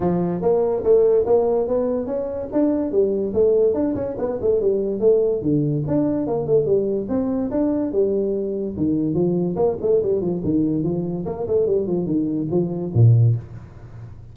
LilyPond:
\new Staff \with { instrumentName = "tuba" } { \time 4/4 \tempo 4 = 144 f4 ais4 a4 ais4 | b4 cis'4 d'4 g4 | a4 d'8 cis'8 b8 a8 g4 | a4 d4 d'4 ais8 a8 |
g4 c'4 d'4 g4~ | g4 dis4 f4 ais8 a8 | g8 f8 dis4 f4 ais8 a8 | g8 f8 dis4 f4 ais,4 | }